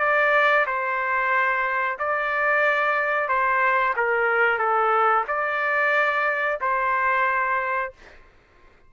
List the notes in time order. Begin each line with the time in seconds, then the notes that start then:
0.00 D5
0.67 C5
1.99 D5
3.28 C5
3.97 A#4
4.59 A4
5.28 D5
6.61 C5